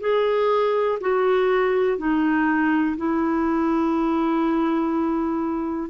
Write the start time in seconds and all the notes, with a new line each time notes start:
0.00 G#4
1.00 F#4
1.98 D#4
2.96 E4